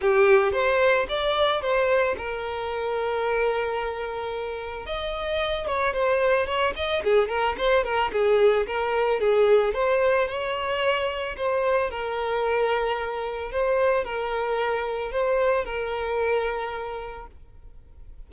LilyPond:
\new Staff \with { instrumentName = "violin" } { \time 4/4 \tempo 4 = 111 g'4 c''4 d''4 c''4 | ais'1~ | ais'4 dis''4. cis''8 c''4 | cis''8 dis''8 gis'8 ais'8 c''8 ais'8 gis'4 |
ais'4 gis'4 c''4 cis''4~ | cis''4 c''4 ais'2~ | ais'4 c''4 ais'2 | c''4 ais'2. | }